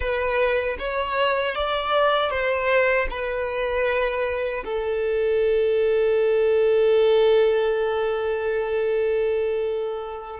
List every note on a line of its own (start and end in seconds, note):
0.00 0.76 B4
0.79 1.55 C#5
1.55 2.30 D5
2.30 3.07 C5
3.10 4.64 B4
4.64 10.39 A4